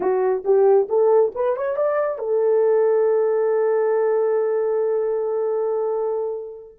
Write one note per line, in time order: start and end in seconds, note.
0.00 0.44 F#4
0.44 0.88 G4
0.88 1.32 A4
1.34 1.56 B4
1.56 1.76 C#5
1.76 2.18 D5
2.18 6.78 A4